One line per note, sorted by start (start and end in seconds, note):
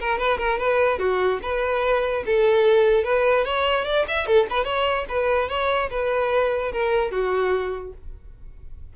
0.00 0.18 A#4
0.18 0.38 B4
0.38 0.58 A#4
0.58 0.99 B4
0.99 1.39 F#4
1.42 2.24 B4
2.26 3.04 A4
3.04 3.45 B4
3.45 3.85 C#5
3.85 4.05 D5
4.08 4.26 E5
4.26 4.47 A4
4.50 4.64 B4
4.64 5.05 C#5
5.09 5.49 B4
5.49 5.89 C#5
5.90 6.72 B4
6.72 7.11 A#4
7.11 7.93 F#4